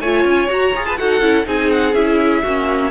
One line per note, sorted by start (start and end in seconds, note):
0.00 0.24 A3
0.00 0.48 F4
0.00 0.85 C#5
0.00 0.49 G#5
0.24 0.48 C#4
0.48 0.73 F#4
0.48 0.74 F#4
0.48 0.86 A#5
0.75 0.99 F4
0.75 0.98 G#4
0.86 0.99 B4
0.86 0.97 A5
0.97 1.20 D#4
0.97 1.21 F#4
0.97 1.47 A4
0.97 1.45 F#5
1.20 1.44 C#4
1.20 1.45 E4
1.45 1.94 C4
1.45 1.93 D#4
1.45 2.42 G#4
1.45 1.71 G#5
1.71 1.94 F#5
1.94 2.43 C#4
1.94 2.44 E4
1.94 2.91 E5
2.42 2.91 A#3
2.42 2.91 C#4
2.42 2.91 F#4